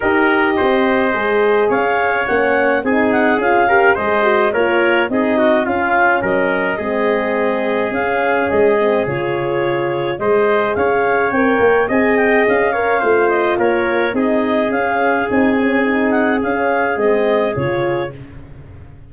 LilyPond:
<<
  \new Staff \with { instrumentName = "clarinet" } { \time 4/4 \tempo 4 = 106 dis''2. f''4 | fis''4 gis''8 fis''8 f''4 dis''4 | cis''4 dis''4 f''4 dis''4~ | dis''2 f''4 dis''4 |
cis''2 dis''4 f''4 | g''4 gis''8 g''8 f''4. dis''8 | cis''4 dis''4 f''4 gis''4~ | gis''8 fis''8 f''4 dis''4 cis''4 | }
  \new Staff \with { instrumentName = "trumpet" } { \time 4/4 ais'4 c''2 cis''4~ | cis''4 gis'4. ais'8 c''4 | ais'4 gis'8 fis'8 f'4 ais'4 | gis'1~ |
gis'2 c''4 cis''4~ | cis''4 dis''4. cis''8 c''4 | ais'4 gis'2.~ | gis'1 | }
  \new Staff \with { instrumentName = "horn" } { \time 4/4 g'2 gis'2 | cis'4 dis'4 f'8 g'8 gis'8 fis'8 | f'4 dis'4 cis'2 | c'2 cis'4. c'8 |
f'2 gis'2 | ais'4 gis'4. ais'8 f'4~ | f'4 dis'4 cis'4 dis'8 cis'8 | dis'4 cis'4 c'4 f'4 | }
  \new Staff \with { instrumentName = "tuba" } { \time 4/4 dis'4 c'4 gis4 cis'4 | ais4 c'4 cis'4 gis4 | ais4 c'4 cis'4 fis4 | gis2 cis'4 gis4 |
cis2 gis4 cis'4 | c'8 ais8 c'4 cis'4 a4 | ais4 c'4 cis'4 c'4~ | c'4 cis'4 gis4 cis4 | }
>>